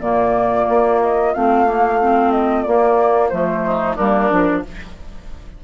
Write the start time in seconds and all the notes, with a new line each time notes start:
0.00 A#2 A#3 F4 D5
0.68 A#3
1.01 D#5
1.33 A3 C4 F5
1.65 A#3
2.01 C4
2.31 D#5
2.62 A#3 D5
3.29 F3 A3 C5
3.64 D#4
3.95 G3 A#3 D4 A#4
4.30 F3 D4